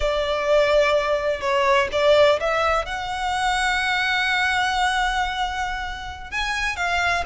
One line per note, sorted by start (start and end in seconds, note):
0.00 1.40 D5
1.40 1.88 C#5
1.92 2.39 D5
2.40 2.85 E5
2.85 6.30 F#5
6.31 6.76 G#5
6.76 7.24 F5